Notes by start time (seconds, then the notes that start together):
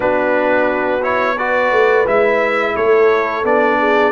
0.00 B3 D4 F#4 B4
1.02 E4 C#5
1.36 F#4 B4 D5
1.71 A3
2.06 G#3 E4 E5
2.75 A3 A4 C#5
3.44 B3 D4 D5
3.79 G#4